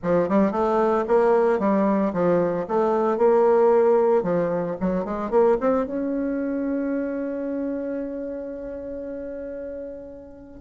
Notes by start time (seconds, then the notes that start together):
0.02 F3
0.28 G3
0.51 A3
1.07 A#3
1.59 G3
2.13 F3
2.67 A3
3.17 A#3
4.22 F3
4.80 F#3
5.04 G#3
5.30 A#3
5.60 C4
5.86 C#4